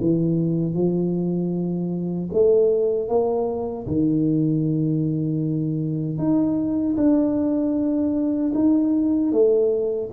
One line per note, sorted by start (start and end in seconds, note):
0.00 0.74 E3
0.74 2.30 F3
2.32 3.08 A3
3.08 3.86 A#3
3.87 6.18 D#3
6.18 6.96 D#4
6.96 8.52 D4
8.54 9.32 D#4
9.32 10.10 A3